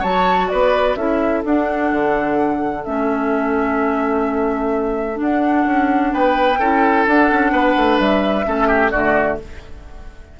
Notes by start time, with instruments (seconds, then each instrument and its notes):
0.00 bassoon F#3, clarinet F#4, oboe C#5, flute A5
0.49 bassoon B3, oboe B4, flute D5
0.96 bassoon C#4, clarinet E4, oboe A4, flute E5
1.45 bassoon D4, clarinet D4, flute F#5
1.92 bassoon D3
2.84 bassoon A3, clarinet C#4, flute E5
5.14 clarinet D4
5.21 bassoon D4, flute F#5
5.66 bassoon C#4
6.13 bassoon B3, oboe B4, flute G5
6.59 bassoon C#4, clarinet E4, oboe A4
7.08 bassoon D4, clarinet D4, flute F#5
7.32 bassoon C#4
7.52 bassoon B3, oboe B4
7.77 bassoon A3
8.00 bassoon G3, flute E5
8.45 bassoon A3, clarinet C#4, oboe A4
8.68 oboe G4
8.91 bassoon D3, clarinet A3, oboe F#4, flute D5